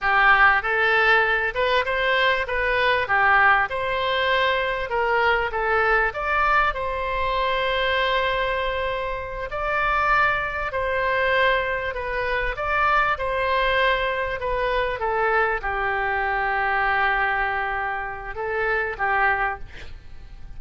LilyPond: \new Staff \with { instrumentName = "oboe" } { \time 4/4 \tempo 4 = 98 g'4 a'4. b'8 c''4 | b'4 g'4 c''2 | ais'4 a'4 d''4 c''4~ | c''2.~ c''8 d''8~ |
d''4. c''2 b'8~ | b'8 d''4 c''2 b'8~ | b'8 a'4 g'2~ g'8~ | g'2 a'4 g'4 | }